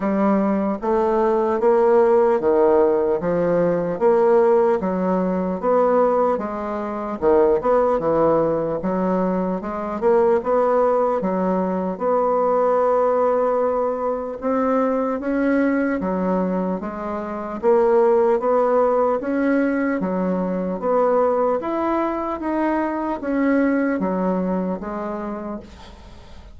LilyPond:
\new Staff \with { instrumentName = "bassoon" } { \time 4/4 \tempo 4 = 75 g4 a4 ais4 dis4 | f4 ais4 fis4 b4 | gis4 dis8 b8 e4 fis4 | gis8 ais8 b4 fis4 b4~ |
b2 c'4 cis'4 | fis4 gis4 ais4 b4 | cis'4 fis4 b4 e'4 | dis'4 cis'4 fis4 gis4 | }